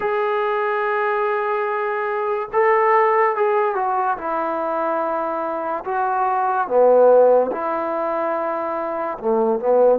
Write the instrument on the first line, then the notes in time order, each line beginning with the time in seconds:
trombone
0.00 G#4
2.52 A4
3.35 G#4
3.75 F#4
4.17 E4
5.84 F#4
6.67 B3
7.51 E4
9.19 A3
9.59 B3